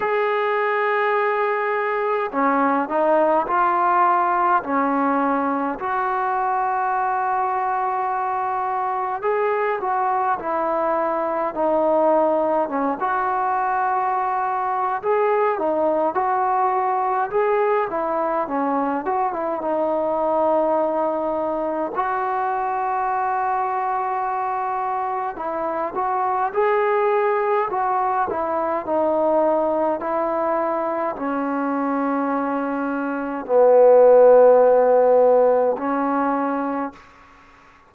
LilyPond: \new Staff \with { instrumentName = "trombone" } { \time 4/4 \tempo 4 = 52 gis'2 cis'8 dis'8 f'4 | cis'4 fis'2. | gis'8 fis'8 e'4 dis'4 cis'16 fis'8.~ | fis'4 gis'8 dis'8 fis'4 gis'8 e'8 |
cis'8 fis'16 e'16 dis'2 fis'4~ | fis'2 e'8 fis'8 gis'4 | fis'8 e'8 dis'4 e'4 cis'4~ | cis'4 b2 cis'4 | }